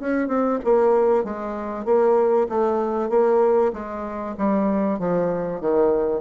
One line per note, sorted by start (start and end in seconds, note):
0.00 0.28 C#4
0.28 0.59 C4
0.64 1.24 A#3
1.24 1.85 G#3
1.85 2.48 A#3
2.49 3.10 A3
3.10 3.72 A#3
3.73 4.36 G#3
4.38 4.99 G3
4.99 5.61 F3
5.61 6.22 D#3